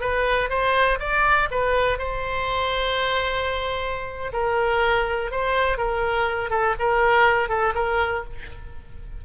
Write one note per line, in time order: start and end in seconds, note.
0.00 0.49 B4
0.49 0.98 C5
0.99 1.48 D5
1.50 1.98 B4
1.98 4.32 C5
4.32 5.31 A#4
5.31 5.77 C5
5.77 6.50 A#4
6.50 6.74 A4
6.79 7.48 A#4
7.48 7.73 A4
7.75 8.24 A#4